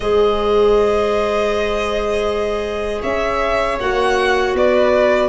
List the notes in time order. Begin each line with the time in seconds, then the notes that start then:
0.00 G#3 G#4 C5 D#5
3.01 C#4 C#5 E5
3.80 A#3 F#4 F#5
4.54 B3 B4 D5